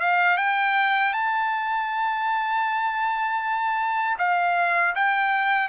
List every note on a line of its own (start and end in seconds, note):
0.00 0.37 F5
0.37 1.13 G5
1.14 4.17 A5
4.18 4.94 F5
4.95 5.69 G5